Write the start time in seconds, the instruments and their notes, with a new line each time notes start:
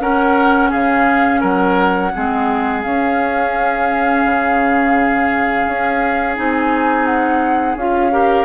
0.00 bassoon C#4, clarinet C#4, oboe A#4, flute F#5
0.70 bassoon C#3, oboe G#4, flute F5
1.40 bassoon F#3, oboe A#4, flute F#5
2.14 bassoon G#3, clarinet C4, oboe G#4
2.82 clarinet C#4, bassoon C#4, flute F5
4.24 bassoon C#3
5.67 bassoon C#4
6.36 bassoon C4, clarinet D#4, flute G#5
7.05 flute F#5
7.76 bassoon C#4, clarinet F4, flute F5
8.11 clarinet G4, oboe A#4